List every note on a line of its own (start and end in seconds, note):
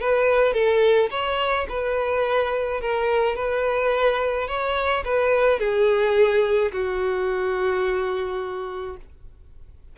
0.00 0.53 B4
0.53 1.09 A4
1.10 1.66 C#5
1.68 2.81 B4
2.81 3.35 A#4
3.35 4.47 B4
4.47 5.03 C#5
5.04 5.59 B4
5.59 6.71 G#4
6.72 8.96 F#4